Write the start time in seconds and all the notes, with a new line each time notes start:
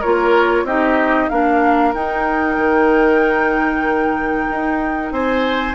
0.00 A#3 F4 A#4 C#5
0.63 C4 D#4 G4 D#5
1.29 A#3 D4 A#4 F5
1.94 D#4 G5
2.57 D#3
4.51 D#4
5.12 C4 C5 G#5